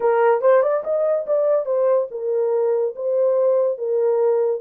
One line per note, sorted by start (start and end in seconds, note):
0.00 0.41 A#4
0.41 0.62 C5
0.62 0.83 D5
0.84 1.26 D#5
1.26 1.65 D5
1.65 2.07 C5
2.11 2.94 A#4
2.95 3.78 C5
3.78 4.60 A#4